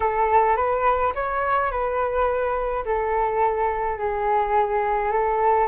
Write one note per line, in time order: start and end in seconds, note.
0.00 0.56 A4
0.56 1.13 B4
1.14 1.71 C#5
1.71 2.84 B4
2.85 3.98 A4
3.98 5.11 G#4
5.11 5.67 A4